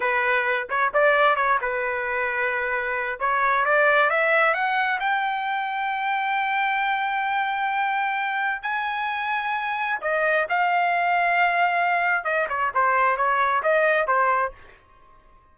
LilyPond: \new Staff \with { instrumentName = "trumpet" } { \time 4/4 \tempo 4 = 132 b'4. cis''8 d''4 cis''8 b'8~ | b'2. cis''4 | d''4 e''4 fis''4 g''4~ | g''1~ |
g''2. gis''4~ | gis''2 dis''4 f''4~ | f''2. dis''8 cis''8 | c''4 cis''4 dis''4 c''4 | }